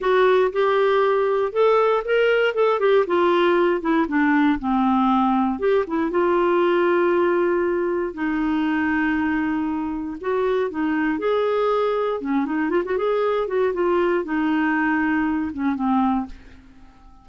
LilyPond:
\new Staff \with { instrumentName = "clarinet" } { \time 4/4 \tempo 4 = 118 fis'4 g'2 a'4 | ais'4 a'8 g'8 f'4. e'8 | d'4 c'2 g'8 e'8 | f'1 |
dis'1 | fis'4 dis'4 gis'2 | cis'8 dis'8 f'16 fis'16 gis'4 fis'8 f'4 | dis'2~ dis'8 cis'8 c'4 | }